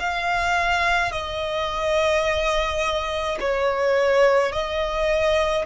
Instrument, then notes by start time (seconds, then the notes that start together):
violin
0.00 F5
1.12 D#5
3.40 C#5
4.52 D#5